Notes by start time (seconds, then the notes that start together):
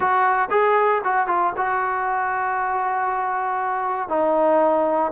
0.00 F#4
0.50 G#4
1.03 F#4
1.27 F4
1.56 F#4
4.09 D#4